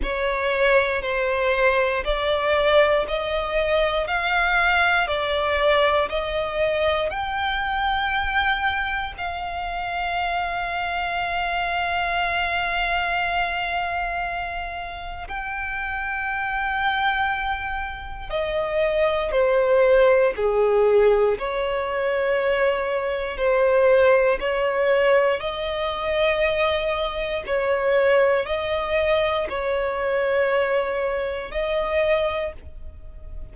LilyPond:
\new Staff \with { instrumentName = "violin" } { \time 4/4 \tempo 4 = 59 cis''4 c''4 d''4 dis''4 | f''4 d''4 dis''4 g''4~ | g''4 f''2.~ | f''2. g''4~ |
g''2 dis''4 c''4 | gis'4 cis''2 c''4 | cis''4 dis''2 cis''4 | dis''4 cis''2 dis''4 | }